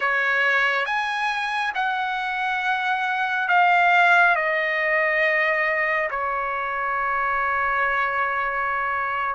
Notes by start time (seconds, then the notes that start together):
0.00 C#5
0.85 G#5
1.74 F#5
3.48 F5
4.35 D#5
6.10 C#5